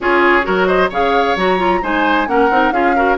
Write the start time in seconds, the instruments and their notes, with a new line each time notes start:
0.00 bassoon C#4, clarinet F4, oboe G#4, flute C#5
0.42 bassoon F#3, clarinet F#4, oboe A#4
0.66 oboe C5, flute D#5
0.89 bassoon C#3, clarinet G#4, oboe C#5, flute F5
1.35 bassoon F#3, clarinet F#4, flute A#5
1.58 clarinet F4
1.82 bassoon G#3, clarinet D#4, oboe C5, flute G#5
2.27 bassoon A#3, clarinet C#4, oboe A#4, flute F#5
2.50 bassoon C4, clarinet D#4
2.71 bassoon C#4, clarinet F4, oboe G#4, flute F5
2.95 clarinet F#4, oboe A#4